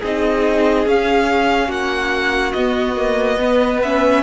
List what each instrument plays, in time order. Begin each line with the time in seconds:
0.00 cello C4, viola D#4, violin G#4 D#5
0.86 cello C#4, viola C#4, violin F5
1.68 cello A#3, violin F#4 F#5
2.52 cello B3, viola B3, violin D#5
2.96 viola A#3
3.39 viola B3, violin B4
3.82 viola C#4, violin E5